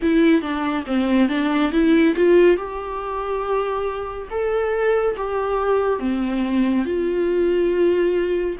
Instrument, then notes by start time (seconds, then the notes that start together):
viola
0.02 E4
0.41 D4
0.86 C4
1.29 D4
1.72 E4
2.15 F4
2.56 G4
4.30 A4
5.17 G4
5.99 C4
6.85 F4